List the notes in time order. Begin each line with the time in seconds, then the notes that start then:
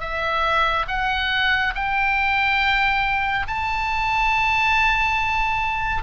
0.00 E5
0.88 F#5
1.75 G5
3.47 A5